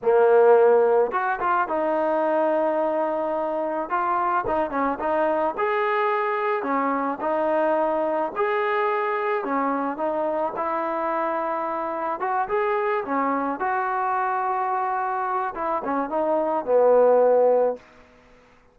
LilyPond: \new Staff \with { instrumentName = "trombone" } { \time 4/4 \tempo 4 = 108 ais2 fis'8 f'8 dis'4~ | dis'2. f'4 | dis'8 cis'8 dis'4 gis'2 | cis'4 dis'2 gis'4~ |
gis'4 cis'4 dis'4 e'4~ | e'2 fis'8 gis'4 cis'8~ | cis'8 fis'2.~ fis'8 | e'8 cis'8 dis'4 b2 | }